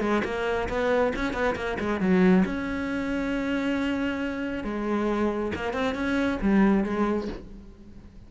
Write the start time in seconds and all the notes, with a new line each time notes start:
0.00 G#3
0.24 A#3
0.69 B3
1.16 C#4
1.33 B3
1.56 A#3
1.80 G#3
2.00 F#3
2.45 C#4
4.64 G#3
5.55 A#3
5.73 C4
5.95 C#4
6.42 G3
6.84 G#3